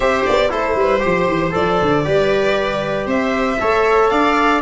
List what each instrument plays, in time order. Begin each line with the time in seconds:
0.00 tuba C4, trombone G4, viola C5, violin E5
0.26 tuba B3, violin D5
0.49 tuba A3, trombone E4, viola A4, violin C5
0.75 tuba G3, viola B4
0.99 tuba F3, trombone G4, viola C5
1.27 tuba E3
1.51 tuba F3, trombone A4, violin D5
1.81 tuba D3
2.04 tuba G3, trombone G4, viola B4
3.06 tuba C4, viola C5, violin E5
3.60 tuba A3, trombone A4, viola C#5
4.09 tuba D4, viola D5, violin F5